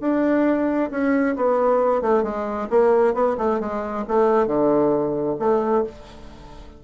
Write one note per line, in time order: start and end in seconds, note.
0.00 0.90 D4
0.90 1.35 C#4
1.36 2.01 B3
2.01 2.23 A3
2.23 2.68 G#3
2.70 3.13 A#3
3.13 3.36 B3
3.37 3.60 A3
3.60 4.04 G#3
4.08 4.47 A3
4.47 5.36 D3
5.39 5.84 A3